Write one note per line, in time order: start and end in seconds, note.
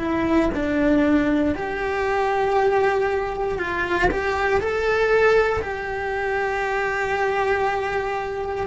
0.00 0.51 E4
0.55 1.55 D4
1.55 3.59 G4
3.59 4.10 F4
4.11 4.60 G4
4.60 5.62 A4
5.62 8.67 G4